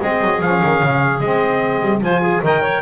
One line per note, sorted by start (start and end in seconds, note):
0.00 0.20 G#3
0.00 0.40 C4
0.00 2.02 G#4
0.00 0.41 D#5
0.20 0.41 F#3
0.41 0.62 F3
0.41 1.21 C#4
0.41 1.20 F5
0.63 0.82 D#3
0.82 1.20 C#3
1.20 1.81 G#3
1.20 2.01 C4
1.20 2.00 D#5
1.81 2.01 G3
2.01 2.41 F3
2.01 2.42 F4
2.01 2.21 C5
2.01 2.43 G#5
2.21 2.42 G#4
2.43 2.81 D#3
2.43 2.81 A#4
2.43 2.62 D#5
2.43 2.81 G5
2.62 2.81 C#5